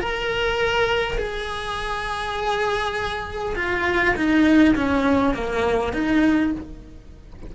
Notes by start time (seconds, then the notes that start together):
0.00 A#4
1.18 G#4
3.56 F4
4.16 D#4
4.76 C#4
5.34 A#3
5.93 D#4